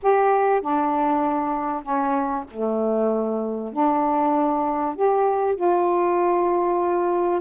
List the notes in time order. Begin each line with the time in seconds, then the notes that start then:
0.02 G4
0.61 D4
1.82 C#4
2.50 A3
3.72 D4
4.95 G4
5.55 F4